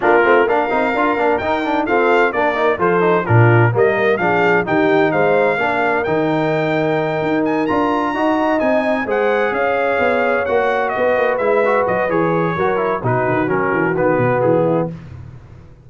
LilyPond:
<<
  \new Staff \with { instrumentName = "trumpet" } { \time 4/4 \tempo 4 = 129 ais'4 f''2 g''4 | f''4 d''4 c''4 ais'4 | dis''4 f''4 g''4 f''4~ | f''4 g''2. |
gis''8 ais''2 gis''4 fis''8~ | fis''8 f''2 fis''4 dis''8~ | dis''8 e''4 dis''8 cis''2 | b'4 ais'4 b'4 gis'4 | }
  \new Staff \with { instrumentName = "horn" } { \time 4/4 f'4 ais'2. | a'4 ais'4 a'4 f'4 | ais'4 gis'4 g'4 c''4 | ais'1~ |
ais'4. dis''2 c''8~ | c''8 cis''2. b'8~ | b'2. ais'4 | fis'2.~ fis'8 e'8 | }
  \new Staff \with { instrumentName = "trombone" } { \time 4/4 d'8 c'8 d'8 dis'8 f'8 d'8 dis'8 d'8 | c'4 d'8 dis'8 f'8 dis'8 d'4 | ais4 d'4 dis'2 | d'4 dis'2.~ |
dis'8 f'4 fis'4 dis'4 gis'8~ | gis'2~ gis'8 fis'4.~ | fis'8 e'8 fis'4 gis'4 fis'8 e'8 | dis'4 cis'4 b2 | }
  \new Staff \with { instrumentName = "tuba" } { \time 4/4 ais8 a8 ais8 c'8 d'8 ais8 dis'4 | f'4 ais4 f4 ais,4 | g4 f4 dis4 gis4 | ais4 dis2~ dis8 dis'8~ |
dis'8 d'4 dis'4 c'4 gis8~ | gis8 cis'4 b4 ais4 b8 | ais8 gis4 fis8 e4 fis4 | b,8 dis8 fis8 e8 dis8 b,8 e4 | }
>>